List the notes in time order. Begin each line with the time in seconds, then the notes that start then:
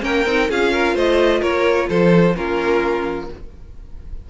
0.00 A#3 C#4 A#4 G5
0.25 C4 D#4
0.49 C#4 F4 G#4 F5
0.72 A#4
0.94 A3 C5 D#5
1.40 A#3 A#4 C#5
1.89 F3 A4 C5
2.34 A#3 C#4 F4 A#4